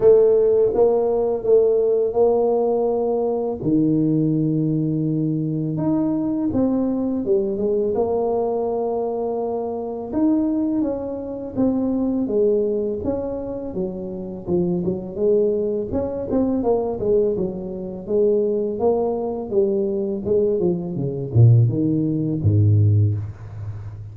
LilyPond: \new Staff \with { instrumentName = "tuba" } { \time 4/4 \tempo 4 = 83 a4 ais4 a4 ais4~ | ais4 dis2. | dis'4 c'4 g8 gis8 ais4~ | ais2 dis'4 cis'4 |
c'4 gis4 cis'4 fis4 | f8 fis8 gis4 cis'8 c'8 ais8 gis8 | fis4 gis4 ais4 g4 | gis8 f8 cis8 ais,8 dis4 gis,4 | }